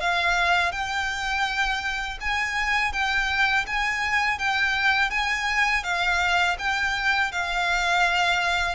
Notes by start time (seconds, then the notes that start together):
0.00 F5
0.72 G5
2.21 G#5
2.92 G5
3.67 G#5
4.38 G5
5.10 G#5
5.83 F5
6.58 G5
7.32 F5